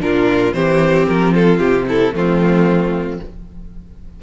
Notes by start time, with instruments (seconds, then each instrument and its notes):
0.00 cello A#2, viola D4, violin F4 A#4
0.53 cello E3, viola C4, violin G4 C5
1.07 cello F3, violin A#4
1.34 violin F4 A4
1.59 cello C3, violin G4
1.88 violin E4 A4
2.12 cello F3, viola A3, violin C4 F4